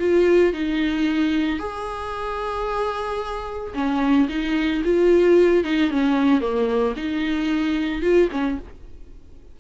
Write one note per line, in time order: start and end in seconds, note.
0.00 0.54 F4
0.54 1.59 D#4
1.59 3.74 G#4
3.75 4.29 C#4
4.29 4.83 D#4
4.85 5.64 F4
5.64 5.91 D#4
5.91 6.41 C#4
6.41 6.95 A#3
6.97 8.02 D#4
8.02 8.29 F4
8.32 8.59 C#4